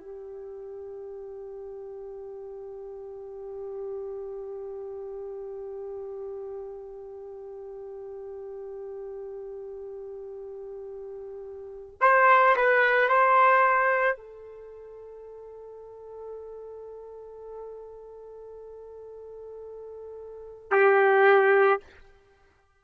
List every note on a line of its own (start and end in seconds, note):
0.00 12.00 G4
12.01 12.56 C5
12.57 13.09 B4
13.09 14.17 C5
14.17 20.71 A4
20.71 21.80 G4